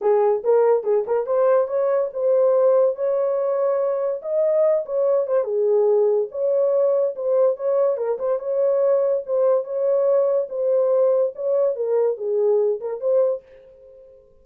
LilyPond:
\new Staff \with { instrumentName = "horn" } { \time 4/4 \tempo 4 = 143 gis'4 ais'4 gis'8 ais'8 c''4 | cis''4 c''2 cis''4~ | cis''2 dis''4. cis''8~ | cis''8 c''8 gis'2 cis''4~ |
cis''4 c''4 cis''4 ais'8 c''8 | cis''2 c''4 cis''4~ | cis''4 c''2 cis''4 | ais'4 gis'4. ais'8 c''4 | }